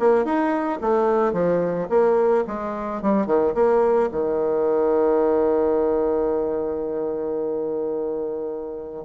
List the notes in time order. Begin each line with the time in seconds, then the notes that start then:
0.00 A#3
0.25 D#4
0.81 A3
1.33 F3
1.90 A#3
2.47 G#3
3.02 G3
3.27 D#3
3.55 A#3
4.12 D#3